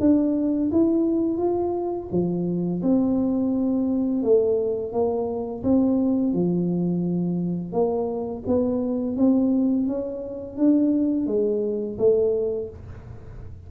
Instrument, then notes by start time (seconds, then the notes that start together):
tuba
0.00 D4
0.72 E4
1.38 F4
2.11 F3
2.83 C4
4.23 A3
4.93 A#3
5.63 C4
6.33 F3
7.73 A#3
8.47 B3
9.17 C4
9.87 C#4
10.57 D4
11.27 G#3
11.99 A3